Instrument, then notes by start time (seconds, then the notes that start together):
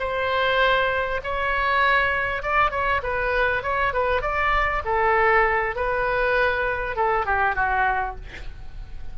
oboe
0.00 C5
1.24 C#5
2.43 D5
2.71 C#5
3.03 B4
3.63 C#5
3.94 B4
4.22 D5
4.85 A4
5.76 B4
6.96 A4
7.26 G4
7.56 F#4